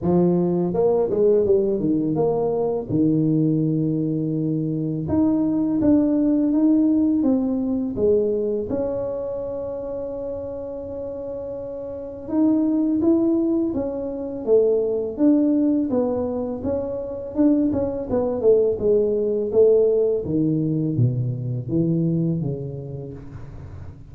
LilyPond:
\new Staff \with { instrumentName = "tuba" } { \time 4/4 \tempo 4 = 83 f4 ais8 gis8 g8 dis8 ais4 | dis2. dis'4 | d'4 dis'4 c'4 gis4 | cis'1~ |
cis'4 dis'4 e'4 cis'4 | a4 d'4 b4 cis'4 | d'8 cis'8 b8 a8 gis4 a4 | dis4 b,4 e4 cis4 | }